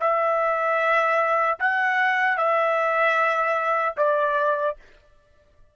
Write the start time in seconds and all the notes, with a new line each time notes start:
0.00 E5
1.59 F#5
2.37 E5
3.97 D5